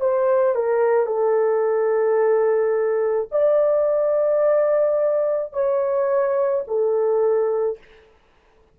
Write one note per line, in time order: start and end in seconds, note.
0.00 0.55 C5
0.55 1.06 A#4
1.06 3.28 A4
3.31 5.53 D5
5.53 6.64 C#5
6.67 7.78 A4